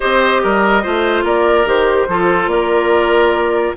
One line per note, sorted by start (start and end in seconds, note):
0.00 0.44 C4
0.00 0.83 G4
0.00 0.42 C5
0.00 1.23 D#5
0.43 0.85 G3
0.43 0.82 A#4
0.82 1.23 A3
0.82 1.65 F4
0.82 1.24 C5
1.23 1.65 A#3
1.23 2.07 A#4
1.23 1.67 D5
1.65 2.07 D#3
1.65 2.07 G4
1.65 2.48 C5
2.07 2.46 F3
2.07 3.76 F4
2.07 2.50 A4
2.46 3.71 A#3
2.46 3.75 A#4
2.46 3.73 D5